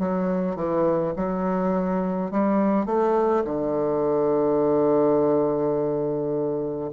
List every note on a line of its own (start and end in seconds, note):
0.00 0.57 F#3
0.57 1.14 E3
1.16 2.32 F#3
2.32 2.86 G3
2.86 3.44 A3
3.45 6.91 D3